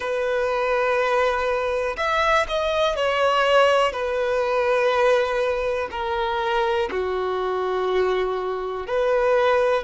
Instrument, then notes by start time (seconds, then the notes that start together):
violin
0.00 B4
1.97 E5
2.48 D#5
2.96 C#5
3.92 B4
5.91 A#4
6.90 F#4
8.86 B4